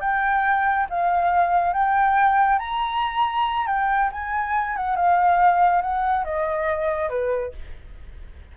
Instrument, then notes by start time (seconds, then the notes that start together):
flute
0.00 G5
0.89 F5
1.73 G5
2.59 A#5
3.67 G5
4.12 G#5
4.76 F#5
4.96 F5
5.81 F#5
6.24 D#5
7.09 B4